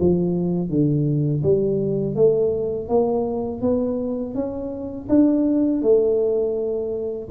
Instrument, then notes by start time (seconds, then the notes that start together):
tuba
0.00 F3
0.70 D3
1.43 G3
2.16 A3
2.89 A#3
3.62 B3
4.35 C#4
5.09 D4
5.82 A3